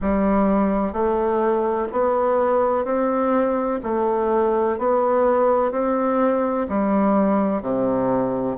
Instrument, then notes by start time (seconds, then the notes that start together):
bassoon
0.01 G3
0.93 A3
1.92 B3
2.84 C4
3.83 A3
4.78 B3
5.71 C4
6.68 G3
7.62 C3